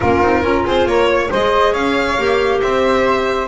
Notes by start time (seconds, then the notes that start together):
0.00 A#3 C#4 F4 A#4
0.22 C4 D#4
0.42 C#4 F4 A#4
0.65 C4 G#4 C5
0.85 A#3 A#4 C#5
1.08 C#5
1.30 G#3 G#4 C5 D#5
1.71 C#4 C#5 F5
2.18 A#3 G4
2.61 C4 C5 E5